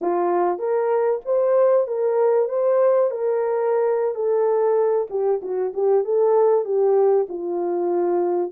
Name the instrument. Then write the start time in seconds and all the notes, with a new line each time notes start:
horn
0.01 F4
0.58 A#4
1.25 C5
1.87 A#4
2.49 C5
3.10 A#4
4.14 A4
5.09 G4
5.42 F#4
5.73 G4
6.04 A4
6.64 G4
7.28 F4